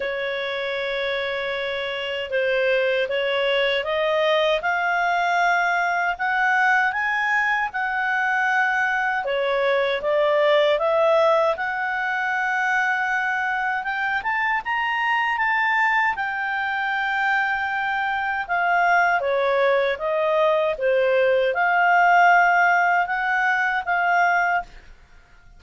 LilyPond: \new Staff \with { instrumentName = "clarinet" } { \time 4/4 \tempo 4 = 78 cis''2. c''4 | cis''4 dis''4 f''2 | fis''4 gis''4 fis''2 | cis''4 d''4 e''4 fis''4~ |
fis''2 g''8 a''8 ais''4 | a''4 g''2. | f''4 cis''4 dis''4 c''4 | f''2 fis''4 f''4 | }